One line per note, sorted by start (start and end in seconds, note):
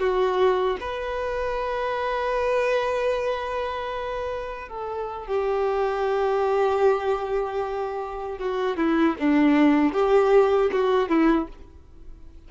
0.00 0.78 F#4
0.81 4.69 B4
4.69 5.27 A4
5.27 8.39 G4
8.39 8.77 F#4
8.77 9.16 E4
9.20 9.94 D4
9.94 10.71 G4
10.72 11.09 F#4
11.09 11.48 E4